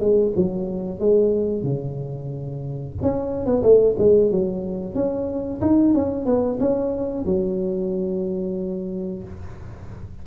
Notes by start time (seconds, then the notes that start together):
0.00 G#3
0.36 F#3
1.00 G#3
1.63 C#3
3.02 C#4
3.46 B3
3.63 A3
3.99 G#3
4.31 F#3
4.95 C#4
5.62 D#4
5.94 C#4
6.26 B3
6.60 C#4
7.26 F#3